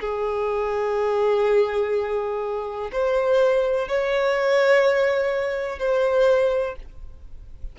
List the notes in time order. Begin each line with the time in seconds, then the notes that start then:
0.00 G#4
2.92 C5
3.88 C#5
5.79 C5